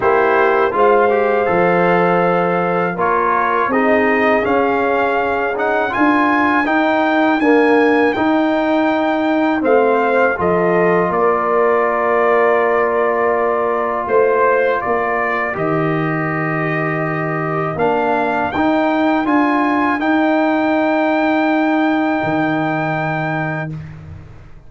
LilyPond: <<
  \new Staff \with { instrumentName = "trumpet" } { \time 4/4 \tempo 4 = 81 c''4 f''2. | cis''4 dis''4 f''4. fis''8 | gis''4 g''4 gis''4 g''4~ | g''4 f''4 dis''4 d''4~ |
d''2. c''4 | d''4 dis''2. | f''4 g''4 gis''4 g''4~ | g''1 | }
  \new Staff \with { instrumentName = "horn" } { \time 4/4 g'4 c''2. | ais'4 gis'2. | ais'1~ | ais'4 c''4 a'4 ais'4~ |
ais'2. c''4 | ais'1~ | ais'1~ | ais'1 | }
  \new Staff \with { instrumentName = "trombone" } { \time 4/4 e'4 f'8 g'8 a'2 | f'4 dis'4 cis'4. dis'8 | f'4 dis'4 ais4 dis'4~ | dis'4 c'4 f'2~ |
f'1~ | f'4 g'2. | d'4 dis'4 f'4 dis'4~ | dis'1 | }
  \new Staff \with { instrumentName = "tuba" } { \time 4/4 ais4 gis4 f2 | ais4 c'4 cis'2 | d'4 dis'4 d'4 dis'4~ | dis'4 a4 f4 ais4~ |
ais2. a4 | ais4 dis2. | ais4 dis'4 d'4 dis'4~ | dis'2 dis2 | }
>>